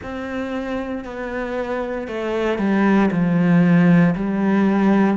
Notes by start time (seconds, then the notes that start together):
0.02 C4
1.04 B3
2.07 A3
2.58 G3
3.11 F3
4.15 G3